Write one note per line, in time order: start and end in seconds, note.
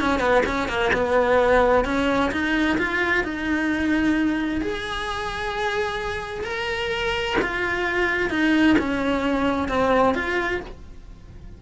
0.00 0.19 C#4
0.19 0.42 B3
0.46 0.68 C#4
0.68 0.91 A#3
0.93 1.85 B3
1.85 2.31 C#4
2.31 2.78 D#4
2.78 3.24 F4
3.24 4.61 D#4
4.61 6.44 G#4
6.44 7.36 A#4
7.41 8.30 F4
8.30 8.76 D#4
8.78 9.68 C#4
9.68 10.14 C4
10.14 10.60 F4